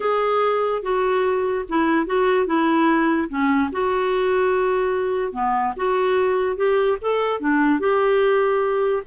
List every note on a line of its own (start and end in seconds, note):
0.00 0.82 G#4
0.82 1.64 F#4
1.68 2.06 E4
2.06 2.46 F#4
2.46 3.28 E4
3.29 3.70 C#4
3.72 5.32 F#4
5.32 5.73 B3
5.76 6.56 F#4
6.56 6.97 G4
7.01 7.40 A4
7.40 7.79 D4
7.79 9.02 G4